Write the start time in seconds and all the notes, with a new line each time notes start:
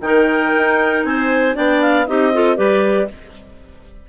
0.00 D#3 D#4 A#4 G5
0.56 D#4
1.04 C4 C5 G#5
1.54 B3 D4 D5 G5
1.81 F5
2.07 C4 D#4 G4 D#5
2.33 F4 A4
2.56 G3 G4 B4 D5